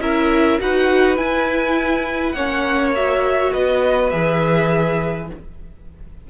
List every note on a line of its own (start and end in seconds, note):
0.00 0.59 C#4
0.00 0.60 E4
0.00 0.61 A#4
0.00 0.60 E5
0.60 1.18 D#4
0.60 1.17 F#4
0.60 2.36 B4
0.60 1.17 F#5
1.17 2.35 E4
1.17 2.32 G#5
2.32 3.52 A#3
2.32 2.96 C#4
2.32 3.53 C#5
2.32 2.91 F#5
2.95 4.12 F#4
2.95 3.53 E5
3.53 4.13 B3
3.53 5.30 B4
3.53 4.10 D#5
4.10 5.31 E3
4.10 5.29 G#4
4.10 5.28 E5